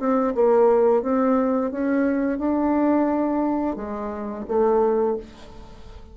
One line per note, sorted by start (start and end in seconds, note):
0.00 0.34 C4
0.35 1.03 A#3
1.03 1.71 C4
1.71 2.39 C#4
2.39 3.76 D4
3.76 4.45 G#3
4.48 5.17 A3